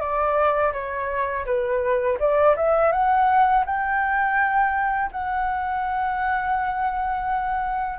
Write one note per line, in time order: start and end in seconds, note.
0.00 0.72 D5
0.73 1.45 C#5
1.46 2.18 B4
2.19 2.56 D5
2.56 2.92 E5
2.92 3.64 F#5
3.66 5.10 G5
5.11 7.99 F#5